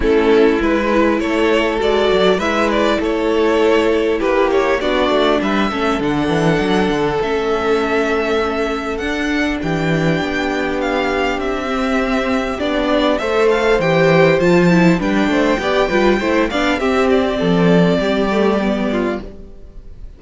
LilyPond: <<
  \new Staff \with { instrumentName = "violin" } { \time 4/4 \tempo 4 = 100 a'4 b'4 cis''4 d''4 | e''8 d''8 cis''2 b'8 cis''8 | d''4 e''4 fis''2 | e''2. fis''4 |
g''2 f''4 e''4~ | e''4 d''4 e''8 f''8 g''4 | a''4 g''2~ g''8 f''8 | e''8 d''2.~ d''8 | }
  \new Staff \with { instrumentName = "violin" } { \time 4/4 e'2 a'2 | b'4 a'2 g'4 | fis'4 b'8 a'2~ a'8~ | a'1 |
g'1~ | g'2 c''2~ | c''4 b'8 c''8 d''8 b'8 c''8 d''8 | g'4 a'4 g'4. f'8 | }
  \new Staff \with { instrumentName = "viola" } { \time 4/4 cis'4 e'2 fis'4 | e'1 | d'4. cis'8 d'2 | cis'2. d'4~ |
d'2.~ d'8 c'8~ | c'4 d'4 a'4 g'4 | f'8 e'8 d'4 g'8 f'8 e'8 d'8 | c'2~ c'8 a8 b4 | }
  \new Staff \with { instrumentName = "cello" } { \time 4/4 a4 gis4 a4 gis8 fis8 | gis4 a2 ais4 | b8 a8 g8 a8 d8 e8 fis8 d8 | a2. d'4 |
e4 b2 c'4~ | c'4 b4 a4 e4 | f4 g8 a8 b8 g8 a8 b8 | c'4 f4 g2 | }
>>